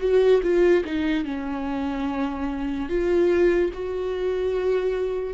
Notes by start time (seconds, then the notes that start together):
0.00 F#4
0.43 F4
0.85 D#4
1.25 C#4
2.89 F4
3.74 F#4